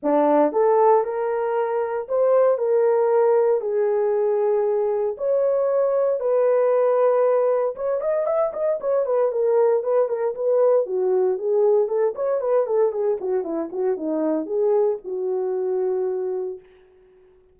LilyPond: \new Staff \with { instrumentName = "horn" } { \time 4/4 \tempo 4 = 116 d'4 a'4 ais'2 | c''4 ais'2 gis'4~ | gis'2 cis''2 | b'2. cis''8 dis''8 |
e''8 dis''8 cis''8 b'8 ais'4 b'8 ais'8 | b'4 fis'4 gis'4 a'8 cis''8 | b'8 a'8 gis'8 fis'8 e'8 fis'8 dis'4 | gis'4 fis'2. | }